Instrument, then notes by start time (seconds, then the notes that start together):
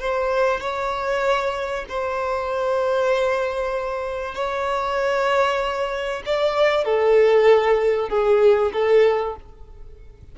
violin
0.00 C5
0.61 C#5
1.89 C5
4.35 C#5
6.26 D5
6.85 A4
8.09 G#4
8.73 A4